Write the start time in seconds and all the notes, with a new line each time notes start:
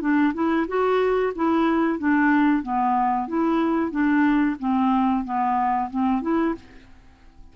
0.00 D4
0.33 E4
0.67 F#4
1.35 E4
1.98 D4
2.62 B3
3.27 E4
3.91 D4
4.59 C4
5.24 B3
5.90 C4
6.21 E4